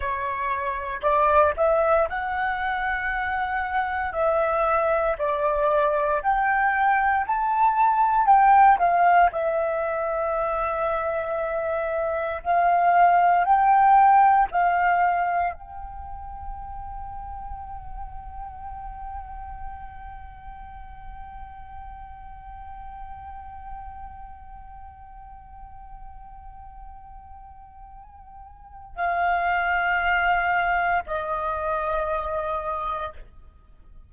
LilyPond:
\new Staff \with { instrumentName = "flute" } { \time 4/4 \tempo 4 = 58 cis''4 d''8 e''8 fis''2 | e''4 d''4 g''4 a''4 | g''8 f''8 e''2. | f''4 g''4 f''4 g''4~ |
g''1~ | g''1~ | g''1 | f''2 dis''2 | }